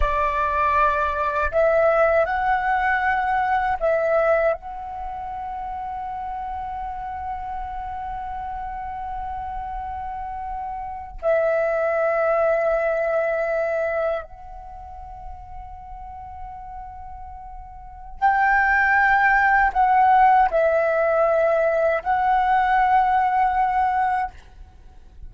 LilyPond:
\new Staff \with { instrumentName = "flute" } { \time 4/4 \tempo 4 = 79 d''2 e''4 fis''4~ | fis''4 e''4 fis''2~ | fis''1~ | fis''2~ fis''8. e''4~ e''16~ |
e''2~ e''8. fis''4~ fis''16~ | fis''1 | g''2 fis''4 e''4~ | e''4 fis''2. | }